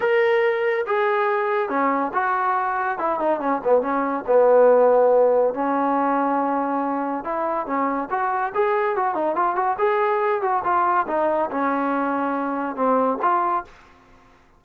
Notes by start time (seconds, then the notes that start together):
0.00 A#4
0.86 G#4
1.69 C#4
2.13 F#4
2.98 E4
3.19 D#4
3.40 C#4
3.64 B3
3.81 C#4
4.26 B3
5.54 C#4
7.24 E4
7.66 C#4
8.10 F#4
8.54 G#4
8.96 F#4
9.14 D#4
9.35 F4
9.55 F#4
9.78 G#4
10.41 F#4
10.64 F4
11.07 D#4
11.50 C#4
12.75 C4
13.21 F4